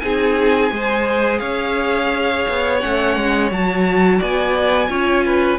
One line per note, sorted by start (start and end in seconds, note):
0.00 0.71 C4
0.00 0.71 D#4
0.00 0.73 G#4
0.00 1.39 G#5
0.71 1.41 G#3
0.71 2.80 G#4
0.71 1.39 C5
1.39 2.46 C#4
1.39 4.18 C#5
1.39 2.78 F5
2.49 2.83 B3
2.80 3.16 A3
2.80 3.50 C#4
2.80 3.50 F#5
3.16 3.51 G#3
3.51 4.21 F#3
3.51 4.89 F#4
3.51 4.22 A5
4.19 4.89 B3
4.19 4.89 D5
4.19 5.59 G#5
4.89 5.59 C#4
4.89 5.59 F4
4.89 5.25 C#5
5.25 5.59 B4